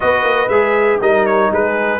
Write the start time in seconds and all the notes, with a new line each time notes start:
0.00 B3 F#4 B4 D#5
0.23 A#3
0.48 G#3 G#4 E5
1.00 G3 D#4 A#4 D#5
1.26 C#5
1.52 G#3 G#4 B4